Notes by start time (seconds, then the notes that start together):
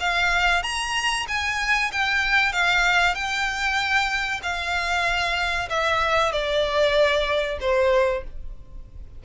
0.00 F5
0.63 A#5
1.28 G#5
1.92 G5
2.52 F5
3.14 G5
4.42 F5
5.70 E5
6.32 D5
7.60 C5